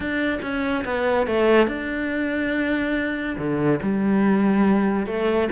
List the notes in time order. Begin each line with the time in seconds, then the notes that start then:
0.00 D4
0.42 C#4
0.85 B3
1.26 A3
1.67 D4
3.37 D3
3.82 G3
5.06 A3